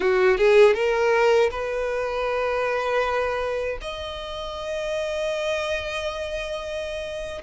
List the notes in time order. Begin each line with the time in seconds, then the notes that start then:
0.00 F#4
0.37 G#4
0.74 A#4
1.50 B4
3.81 D#5